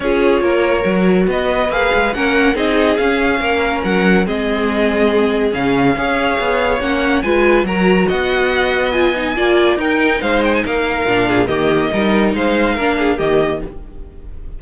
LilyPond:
<<
  \new Staff \with { instrumentName = "violin" } { \time 4/4 \tempo 4 = 141 cis''2. dis''4 | f''4 fis''4 dis''4 f''4~ | f''4 fis''4 dis''2~ | dis''4 f''2. |
fis''4 gis''4 ais''4 fis''4~ | fis''4 gis''2 g''4 | f''8 g''16 gis''16 f''2 dis''4~ | dis''4 f''2 dis''4 | }
  \new Staff \with { instrumentName = "violin" } { \time 4/4 gis'4 ais'2 b'4~ | b'4 ais'4 gis'2 | ais'2 gis'2~ | gis'2 cis''2~ |
cis''4 b'4 ais'4 dis''4~ | dis''2 d''4 ais'4 | c''4 ais'4. gis'8 g'4 | ais'4 c''4 ais'8 gis'8 g'4 | }
  \new Staff \with { instrumentName = "viola" } { \time 4/4 f'2 fis'2 | gis'4 cis'4 dis'4 cis'4~ | cis'2 c'2~ | c'4 cis'4 gis'2 |
cis'4 f'4 fis'2~ | fis'4 f'8 dis'8 f'4 dis'4~ | dis'2 d'4 ais4 | dis'2 d'4 ais4 | }
  \new Staff \with { instrumentName = "cello" } { \time 4/4 cis'4 ais4 fis4 b4 | ais8 gis8 ais4 c'4 cis'4 | ais4 fis4 gis2~ | gis4 cis4 cis'4 b4 |
ais4 gis4 fis4 b4~ | b2 ais4 dis'4 | gis4 ais4 ais,4 dis4 | g4 gis4 ais4 dis4 | }
>>